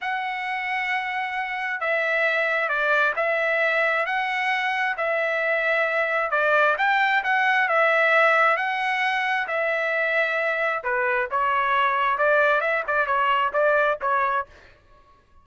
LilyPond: \new Staff \with { instrumentName = "trumpet" } { \time 4/4 \tempo 4 = 133 fis''1 | e''2 d''4 e''4~ | e''4 fis''2 e''4~ | e''2 d''4 g''4 |
fis''4 e''2 fis''4~ | fis''4 e''2. | b'4 cis''2 d''4 | e''8 d''8 cis''4 d''4 cis''4 | }